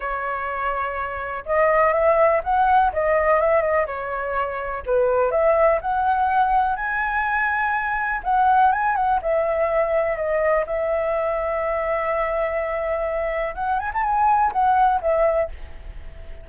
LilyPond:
\new Staff \with { instrumentName = "flute" } { \time 4/4 \tempo 4 = 124 cis''2. dis''4 | e''4 fis''4 dis''4 e''8 dis''8 | cis''2 b'4 e''4 | fis''2 gis''2~ |
gis''4 fis''4 gis''8 fis''8 e''4~ | e''4 dis''4 e''2~ | e''1 | fis''8 gis''16 a''16 gis''4 fis''4 e''4 | }